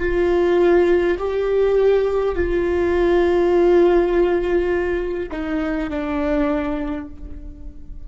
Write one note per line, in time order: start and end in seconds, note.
0.00 1.18 F4
1.18 2.35 G4
2.35 5.29 F4
5.31 5.90 D#4
5.90 7.07 D4